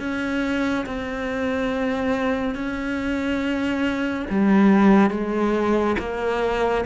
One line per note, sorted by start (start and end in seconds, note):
0.00 0.86 C#4
0.86 2.55 C4
2.55 4.26 C#4
4.31 5.11 G3
5.11 5.96 G#3
5.99 6.85 A#3